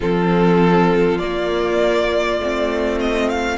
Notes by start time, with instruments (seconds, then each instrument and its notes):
0.00 cello F3, viola C4, violin F4 A4
1.18 viola A#3, cello A#3, violin D5
2.39 cello A3, viola C4
3.00 violin D#5
3.29 violin F5